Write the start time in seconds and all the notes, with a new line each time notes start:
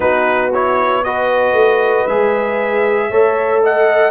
0.00 B3 D#4 F#4 B4
0.53 E4 C#5
1.04 F#4 B4 D#5
1.52 A3
2.06 G#3 G#4 E5
3.09 A3 A4 C#5
3.63 D#5 F#5